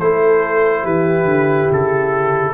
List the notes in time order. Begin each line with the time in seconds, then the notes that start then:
0.00 A3 E4 A4 C5
0.83 E3 G4 B4
1.25 D3
1.71 C#3 A4